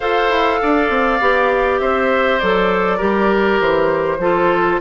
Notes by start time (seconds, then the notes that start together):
0.00 F4 A4 C5 F5
0.29 E4
0.62 D4 D5
0.89 C4
1.20 B3 G4
1.79 C4 C5 E5
2.39 F#3 A4 D5
2.97 G3 G4 A#4
3.60 E3 C5
4.18 F3 F4 A4